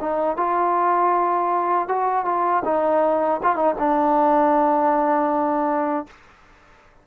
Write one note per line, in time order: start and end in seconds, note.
0.00 0.36 D#4
0.36 1.88 F4
1.88 2.25 F#4
2.25 2.63 F4
2.64 3.40 D#4
3.43 3.55 F4
3.55 3.74 D#4
3.78 6.06 D4